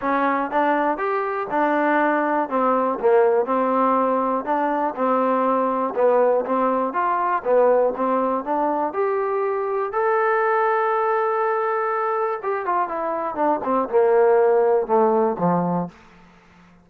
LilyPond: \new Staff \with { instrumentName = "trombone" } { \time 4/4 \tempo 4 = 121 cis'4 d'4 g'4 d'4~ | d'4 c'4 ais4 c'4~ | c'4 d'4 c'2 | b4 c'4 f'4 b4 |
c'4 d'4 g'2 | a'1~ | a'4 g'8 f'8 e'4 d'8 c'8 | ais2 a4 f4 | }